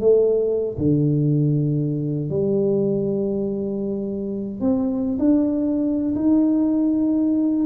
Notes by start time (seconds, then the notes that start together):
0.00 A3
0.78 D3
2.30 G3
4.60 C4
5.19 D4
6.15 D#4